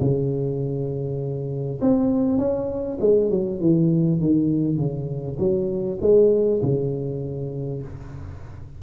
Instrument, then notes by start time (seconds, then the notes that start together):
tuba
0.00 C#3
1.81 C4
2.38 C#4
3.00 G#3
3.30 F#3
3.60 E3
4.20 D#3
4.77 C#3
5.38 F#3
6.01 G#3
6.62 C#3